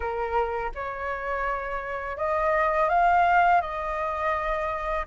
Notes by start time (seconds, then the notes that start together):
0.00 A#4
0.74 C#5
2.17 D#5
2.89 F5
3.61 D#5